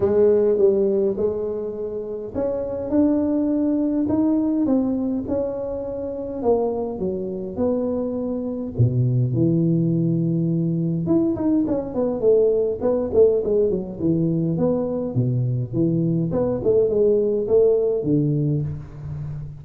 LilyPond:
\new Staff \with { instrumentName = "tuba" } { \time 4/4 \tempo 4 = 103 gis4 g4 gis2 | cis'4 d'2 dis'4 | c'4 cis'2 ais4 | fis4 b2 b,4 |
e2. e'8 dis'8 | cis'8 b8 a4 b8 a8 gis8 fis8 | e4 b4 b,4 e4 | b8 a8 gis4 a4 d4 | }